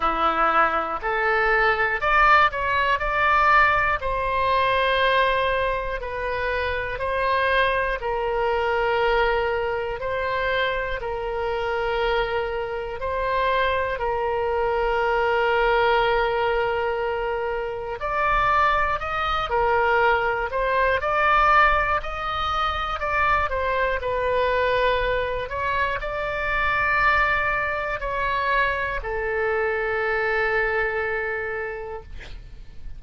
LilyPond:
\new Staff \with { instrumentName = "oboe" } { \time 4/4 \tempo 4 = 60 e'4 a'4 d''8 cis''8 d''4 | c''2 b'4 c''4 | ais'2 c''4 ais'4~ | ais'4 c''4 ais'2~ |
ais'2 d''4 dis''8 ais'8~ | ais'8 c''8 d''4 dis''4 d''8 c''8 | b'4. cis''8 d''2 | cis''4 a'2. | }